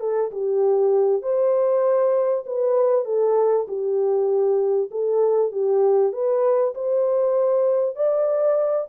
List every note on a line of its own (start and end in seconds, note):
0.00 0.31 A4
0.31 1.22 G4
1.22 2.45 C5
2.46 3.05 B4
3.05 3.66 A4
3.68 4.90 G4
4.91 5.52 A4
5.52 6.13 G4
6.13 6.74 B4
6.75 7.96 C5
7.96 8.87 D5